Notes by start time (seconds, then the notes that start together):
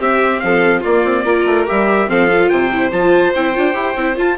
0.00 C4 G4 E5
0.40 F3 A4 F5
0.81 A#3 F4 D5
1.04 C4
1.25 A#3 F4 A#4
1.46 A3
1.66 G3 G4 E5
2.08 F3 C4 A4 F5
2.28 F4
2.50 C3 C5 G5
2.72 E4
2.92 F3 F4 A5
3.35 C4 E4 G5
3.55 D4 F4
3.74 E4 G4
3.96 C4 E4
4.16 F4 A5